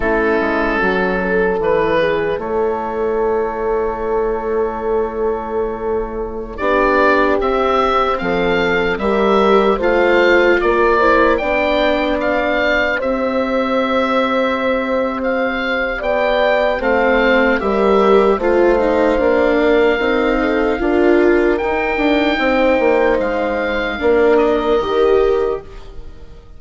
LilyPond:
<<
  \new Staff \with { instrumentName = "oboe" } { \time 4/4 \tempo 4 = 75 a'2 b'4 cis''4~ | cis''1~ | cis''16 d''4 e''4 f''4 e''8.~ | e''16 f''4 d''4 g''4 f''8.~ |
f''16 e''2~ e''8. f''4 | g''4 f''4 e''4 f''4~ | f''2. g''4~ | g''4 f''4. dis''4. | }
  \new Staff \with { instrumentName = "horn" } { \time 4/4 e'4 fis'8 a'4 gis'8 a'4~ | a'1~ | a'16 g'2 a'4 ais'8.~ | ais'16 c''4 ais'8 c''8 d''4.~ d''16~ |
d''16 c''2.~ c''8. | d''4 c''4 ais'4 c''4~ | c''8 ais'4 a'8 ais'2 | c''2 ais'2 | }
  \new Staff \with { instrumentName = "viola" } { \time 4/4 cis'2 e'2~ | e'1~ | e'16 d'4 c'2 g'8.~ | g'16 f'4. e'8 d'4.~ d'16~ |
d'16 g'2.~ g'8.~ | g'4 c'4 g'4 f'8 dis'8 | d'4 dis'4 f'4 dis'4~ | dis'2 d'4 g'4 | }
  \new Staff \with { instrumentName = "bassoon" } { \time 4/4 a8 gis8 fis4 e4 a4~ | a1~ | a16 b4 c'4 f4 g8.~ | g16 a4 ais4 b4.~ b16~ |
b16 c'2.~ c'8. | b4 a4 g4 a4 | ais4 c'4 d'4 dis'8 d'8 | c'8 ais8 gis4 ais4 dis4 | }
>>